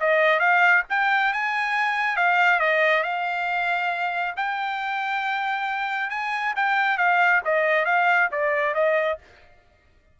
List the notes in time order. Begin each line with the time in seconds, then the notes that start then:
0.00 D#5
0.39 F5
0.89 G5
1.33 G#5
2.16 F5
2.59 D#5
3.03 F5
4.36 G5
6.10 G#5
6.56 G5
6.97 F5
7.45 D#5
7.85 F5
8.31 D5
8.74 D#5